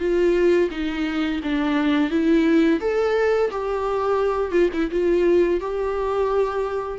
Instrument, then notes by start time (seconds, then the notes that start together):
viola
0.00 F4
0.71 D#4
1.43 D4
2.11 E4
2.81 A4
3.51 G4
4.52 F4
4.73 E4
4.91 F4
5.61 G4